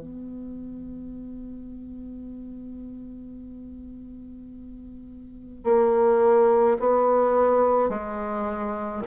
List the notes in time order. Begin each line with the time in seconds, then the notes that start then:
0.00 B3
5.64 A#3
6.79 B3
7.89 G#3